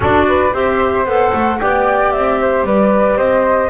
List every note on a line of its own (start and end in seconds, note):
0.00 0.52 D4
0.00 0.50 F#4
0.00 0.25 A4
0.00 0.53 D5
0.28 0.53 B4
0.52 1.05 C4
0.52 1.05 G4
0.52 1.59 C5
0.52 1.06 E5
1.05 1.31 B3
1.05 1.59 A4
1.05 1.59 F#5
1.33 1.59 A3
1.59 2.14 B3
1.59 3.69 G4
1.59 2.40 D5
1.59 2.11 G5
2.11 2.63 C4
2.11 2.64 E5
2.40 2.65 C5
2.63 3.16 G3
2.63 3.17 B4
2.63 3.18 D5
3.16 3.69 C4
3.16 3.69 C5
3.16 3.69 D#5